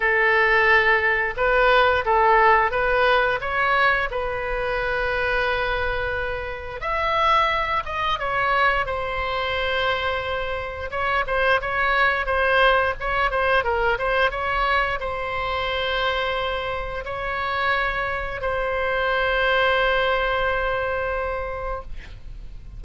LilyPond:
\new Staff \with { instrumentName = "oboe" } { \time 4/4 \tempo 4 = 88 a'2 b'4 a'4 | b'4 cis''4 b'2~ | b'2 e''4. dis''8 | cis''4 c''2. |
cis''8 c''8 cis''4 c''4 cis''8 c''8 | ais'8 c''8 cis''4 c''2~ | c''4 cis''2 c''4~ | c''1 | }